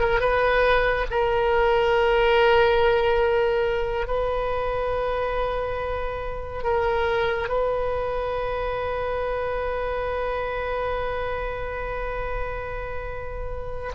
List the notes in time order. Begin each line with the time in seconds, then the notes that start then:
0.00 A#4
0.20 B4
1.11 A#4
4.07 B4
6.64 A#4
7.49 B4